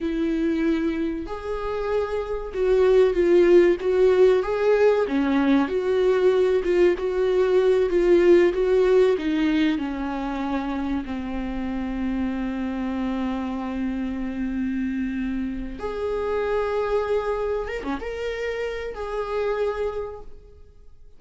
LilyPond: \new Staff \with { instrumentName = "viola" } { \time 4/4 \tempo 4 = 95 e'2 gis'2 | fis'4 f'4 fis'4 gis'4 | cis'4 fis'4. f'8 fis'4~ | fis'8 f'4 fis'4 dis'4 cis'8~ |
cis'4. c'2~ c'8~ | c'1~ | c'4 gis'2. | ais'16 cis'16 ais'4. gis'2 | }